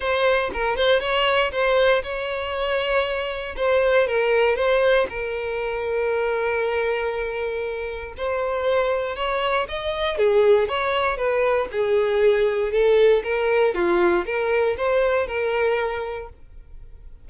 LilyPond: \new Staff \with { instrumentName = "violin" } { \time 4/4 \tempo 4 = 118 c''4 ais'8 c''8 cis''4 c''4 | cis''2. c''4 | ais'4 c''4 ais'2~ | ais'1 |
c''2 cis''4 dis''4 | gis'4 cis''4 b'4 gis'4~ | gis'4 a'4 ais'4 f'4 | ais'4 c''4 ais'2 | }